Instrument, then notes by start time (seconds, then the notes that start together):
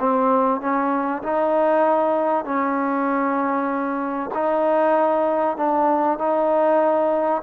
trombone
0.00 C4
0.61 C#4
1.23 D#4
2.45 C#4
4.35 D#4
5.57 D4
6.19 D#4